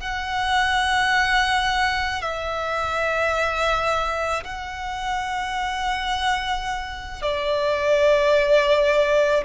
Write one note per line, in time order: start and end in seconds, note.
0.00 2.21 F#5
2.21 4.43 E5
4.44 7.22 F#5
7.22 9.44 D5